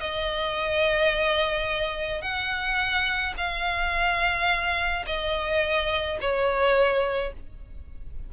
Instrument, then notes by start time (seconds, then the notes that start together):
violin
0.00 D#5
2.21 F#5
3.37 F5
5.06 D#5
6.21 C#5